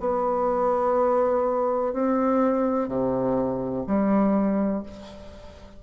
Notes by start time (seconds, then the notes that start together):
0.00 B3
1.93 C4
2.89 C3
3.87 G3